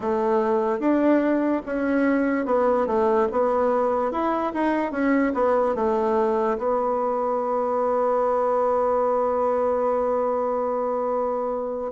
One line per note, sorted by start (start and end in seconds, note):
0.00 0.79 A3
0.79 1.61 D4
1.66 2.45 C#4
2.45 2.87 B3
2.87 3.28 A3
3.31 4.11 B3
4.11 4.52 E4
4.53 4.91 D#4
4.91 5.32 C#4
5.34 5.75 B3
5.75 6.57 A3
6.58 11.92 B3